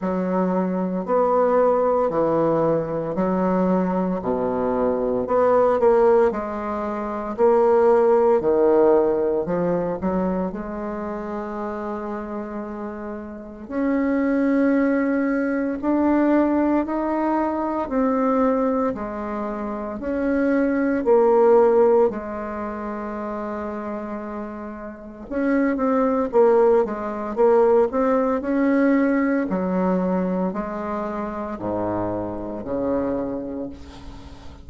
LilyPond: \new Staff \with { instrumentName = "bassoon" } { \time 4/4 \tempo 4 = 57 fis4 b4 e4 fis4 | b,4 b8 ais8 gis4 ais4 | dis4 f8 fis8 gis2~ | gis4 cis'2 d'4 |
dis'4 c'4 gis4 cis'4 | ais4 gis2. | cis'8 c'8 ais8 gis8 ais8 c'8 cis'4 | fis4 gis4 gis,4 cis4 | }